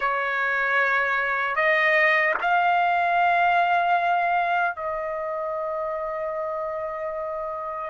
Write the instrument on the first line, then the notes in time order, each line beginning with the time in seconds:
trumpet
0.00 C#5
1.55 D#5
2.41 F5
4.75 D#5